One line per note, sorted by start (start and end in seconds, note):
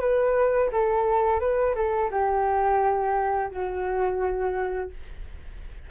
0.00 0.70 B4
0.72 1.40 A4
1.40 1.74 B4
1.75 2.10 A4
2.11 3.50 G4
3.50 4.90 F#4